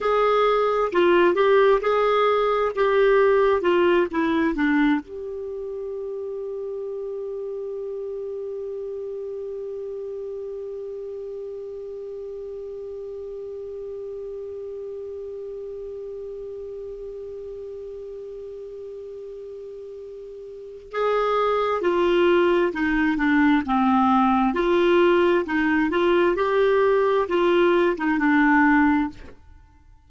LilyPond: \new Staff \with { instrumentName = "clarinet" } { \time 4/4 \tempo 4 = 66 gis'4 f'8 g'8 gis'4 g'4 | f'8 e'8 d'8 g'2~ g'8~ | g'1~ | g'1~ |
g'1~ | g'2. gis'4 | f'4 dis'8 d'8 c'4 f'4 | dis'8 f'8 g'4 f'8. dis'16 d'4 | }